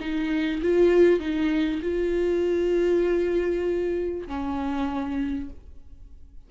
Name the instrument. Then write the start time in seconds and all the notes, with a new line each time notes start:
viola
0.00 D#4
0.62 F4
1.20 D#4
1.82 F4
4.27 C#4